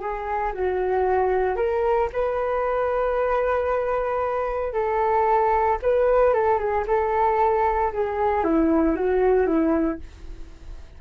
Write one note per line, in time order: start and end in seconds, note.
0.00 0.53 G#4
0.53 1.56 F#4
1.56 2.08 A#4
2.12 4.73 B4
4.73 5.78 A4
5.82 6.33 B4
6.33 6.58 A4
6.58 6.84 G#4
6.87 7.92 A4
7.93 8.44 G#4
8.44 8.95 E4
8.95 9.46 F#4
9.46 9.99 E4